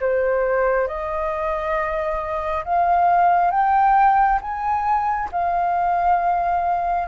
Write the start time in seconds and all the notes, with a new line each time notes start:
0.00 C5
0.87 D#5
2.65 F5
3.51 G5
4.41 G#5
5.32 F5